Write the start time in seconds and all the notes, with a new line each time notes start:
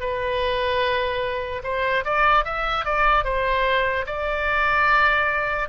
0.00 B4
1.63 C5
2.05 D5
2.44 E5
2.85 D5
3.24 C5
4.06 D5